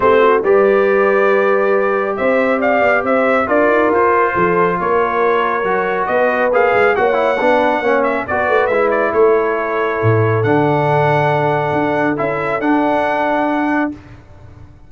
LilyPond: <<
  \new Staff \with { instrumentName = "trumpet" } { \time 4/4 \tempo 4 = 138 c''4 d''2.~ | d''4 e''4 f''4 e''4 | d''4 c''2 cis''4~ | cis''2 dis''4 f''4 |
fis''2~ fis''8 e''8 d''4 | e''8 d''8 cis''2. | fis''1 | e''4 fis''2. | }
  \new Staff \with { instrumentName = "horn" } { \time 4/4 g'8 fis'8 b'2.~ | b'4 c''4 d''4 c''4 | ais'2 a'4 ais'4~ | ais'2 b'2 |
cis''4 b'4 cis''4 b'4~ | b'4 a'2.~ | a'1~ | a'1 | }
  \new Staff \with { instrumentName = "trombone" } { \time 4/4 c'4 g'2.~ | g'1 | f'1~ | f'4 fis'2 gis'4 |
fis'8 e'8 d'4 cis'4 fis'4 | e'1 | d'1 | e'4 d'2. | }
  \new Staff \with { instrumentName = "tuba" } { \time 4/4 a4 g2.~ | g4 c'4. b8 c'4 | d'8 dis'8 f'4 f4 ais4~ | ais4 fis4 b4 ais8 gis8 |
ais4 b4 ais4 b8 a8 | gis4 a2 a,4 | d2. d'4 | cis'4 d'2. | }
>>